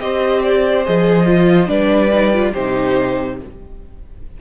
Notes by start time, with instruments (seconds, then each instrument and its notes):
0.00 cello C4, viola G4, violin C5 D#5
0.43 violin D5
0.85 cello F3, viola G#4, violin D#5
1.26 viola F4
1.67 cello G3, viola D4, violin B4 D5
2.13 viola D#4
2.33 viola F4
2.52 cello C3, viola D#4, violin G4 C5